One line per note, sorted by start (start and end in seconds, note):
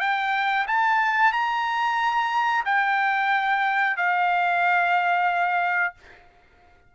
0.00 0.66 G5
0.67 1.32 A5
1.32 2.64 A#5
2.65 3.97 G5
3.97 5.94 F5